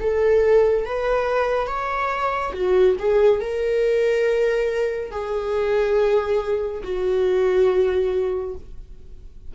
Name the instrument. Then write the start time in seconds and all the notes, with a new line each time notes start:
viola
0.00 A4
0.85 B4
1.67 C#5
2.53 F#4
2.98 G#4
3.40 A#4
5.11 G#4
6.83 F#4